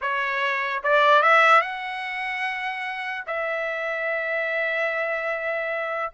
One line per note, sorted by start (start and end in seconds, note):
0.01 0.83 C#5
0.83 1.22 D5
1.22 1.61 E5
1.61 3.24 F#5
3.26 6.12 E5